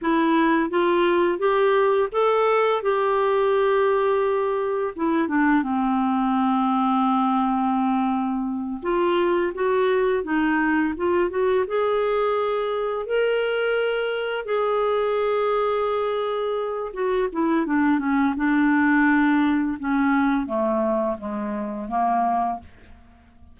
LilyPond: \new Staff \with { instrumentName = "clarinet" } { \time 4/4 \tempo 4 = 85 e'4 f'4 g'4 a'4 | g'2. e'8 d'8 | c'1~ | c'8 f'4 fis'4 dis'4 f'8 |
fis'8 gis'2 ais'4.~ | ais'8 gis'2.~ gis'8 | fis'8 e'8 d'8 cis'8 d'2 | cis'4 a4 gis4 ais4 | }